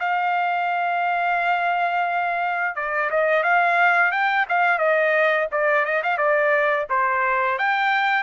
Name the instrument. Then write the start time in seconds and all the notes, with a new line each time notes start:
trumpet
0.00 F5
2.76 D5
3.11 D#5
3.44 F5
4.12 G5
4.49 F5
4.79 D#5
5.52 D5
5.86 D#5
6.03 F5
6.18 D5
6.90 C5
7.59 G5